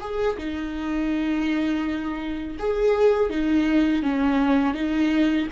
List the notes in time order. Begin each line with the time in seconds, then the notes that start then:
0.00 G#4
0.38 D#4
2.59 G#4
3.30 D#4
4.02 C#4
4.74 D#4